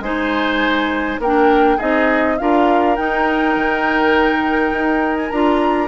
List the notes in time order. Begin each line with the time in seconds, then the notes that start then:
0.00 G#3 D#4 C5 G#5
1.19 A#3 A#4 G5
1.26 D4
1.77 C4 D#4 G#4 D#5
2.37 D4 F4 A#4 F5
2.96 D#4 G5
3.56 D#3
4.72 D#4
5.17 G#5
5.30 D4 F4 A#5